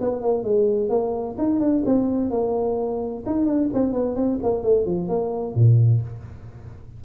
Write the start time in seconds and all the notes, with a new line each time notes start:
0.00 B3
0.22 A#3
0.43 G#3
0.89 A#3
1.38 D#4
1.60 D4
1.85 C4
2.30 A#3
3.26 D#4
3.45 D4
3.73 C4
3.93 B3
4.15 C4
4.42 A#3
4.63 A3
4.85 F3
5.08 A#3
5.55 A#2